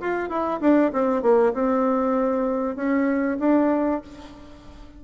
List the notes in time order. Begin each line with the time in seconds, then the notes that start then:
0.00 F4
0.29 E4
0.60 D4
0.93 C4
1.22 A#3
1.53 C4
2.76 C#4
3.39 D4